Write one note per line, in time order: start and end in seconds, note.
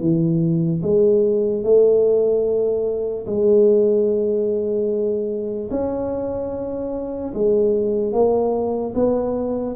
0.00 0.81 E3
0.82 1.63 G#3
1.63 3.25 A3
3.26 5.69 G#3
5.71 7.33 C#4
7.34 8.13 G#3
8.13 8.94 A#3
8.94 9.76 B3